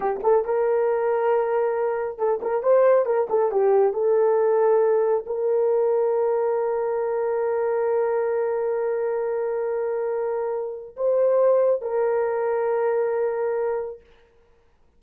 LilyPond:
\new Staff \with { instrumentName = "horn" } { \time 4/4 \tempo 4 = 137 g'8 a'8 ais'2.~ | ais'4 a'8 ais'8 c''4 ais'8 a'8 | g'4 a'2. | ais'1~ |
ais'1~ | ais'1~ | ais'4 c''2 ais'4~ | ais'1 | }